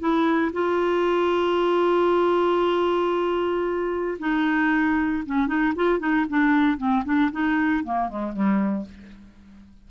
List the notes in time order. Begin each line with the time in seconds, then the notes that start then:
0.00 E4
0.53 F4
4.20 D#4
5.26 C#4
5.48 D#4
5.76 F4
6.00 D#4
6.30 D4
6.78 C4
7.05 D4
7.32 D#4
7.85 A#3
8.09 G#3
8.33 G3